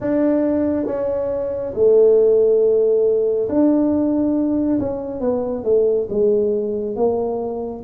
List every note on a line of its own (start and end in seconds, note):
0.00 0.86 D4
0.86 1.73 C#4
1.74 3.48 A3
3.48 4.79 D4
4.79 5.20 C#4
5.20 5.64 B3
5.64 6.07 A3
6.09 6.96 G#3
6.96 7.83 A#3